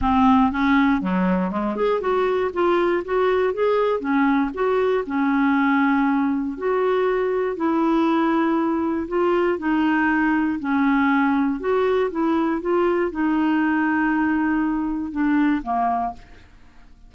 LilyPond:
\new Staff \with { instrumentName = "clarinet" } { \time 4/4 \tempo 4 = 119 c'4 cis'4 fis4 gis8 gis'8 | fis'4 f'4 fis'4 gis'4 | cis'4 fis'4 cis'2~ | cis'4 fis'2 e'4~ |
e'2 f'4 dis'4~ | dis'4 cis'2 fis'4 | e'4 f'4 dis'2~ | dis'2 d'4 ais4 | }